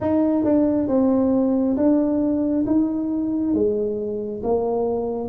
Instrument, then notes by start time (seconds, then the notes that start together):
tuba
0.00 D#4
0.44 D4
0.88 C4
1.76 D4
2.66 D#4
3.53 G#3
4.43 A#3